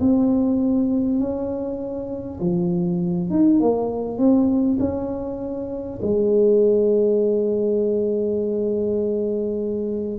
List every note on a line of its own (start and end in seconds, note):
0.00 1.19 C4
1.19 2.39 C#4
2.40 3.30 F3
3.30 3.59 D#4
3.59 4.18 A#3
4.18 4.78 C4
4.79 5.99 C#4
6.02 10.19 G#3